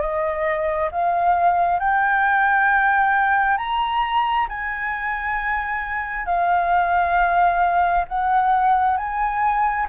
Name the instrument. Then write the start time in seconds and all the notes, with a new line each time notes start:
flute
0.00 D#5
0.91 F5
1.79 G5
3.57 A#5
4.49 G#5
6.26 F5
8.08 F#5
8.97 G#5